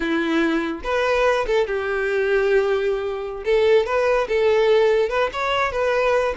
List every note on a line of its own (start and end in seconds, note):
0.00 0.81 E4
0.83 1.46 B4
1.46 1.67 A4
1.67 3.44 G4
3.44 3.85 A4
3.85 4.27 B4
4.28 5.09 A4
5.09 5.30 B4
5.32 5.71 C#5
5.71 6.34 B4